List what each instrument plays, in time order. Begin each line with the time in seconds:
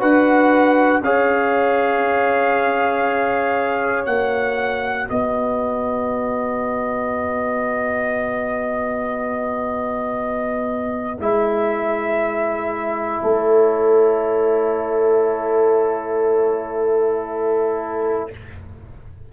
0.00 tuba D4, trombone F#4, horn B4, trumpet F#5
1.01 tuba C#4, trombone G#4, horn C#5, trumpet F5
4.05 tuba A#3, trombone F#4, trumpet F#5
5.09 tuba B3, horn B4, trumpet D#5
11.19 tuba G#3, trombone E4, trumpet E5
13.22 tuba A3, horn A4, trumpet C#5